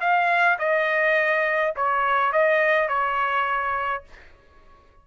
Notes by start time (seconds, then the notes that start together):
0.00 F5
0.58 D#5
1.76 C#5
2.32 D#5
2.88 C#5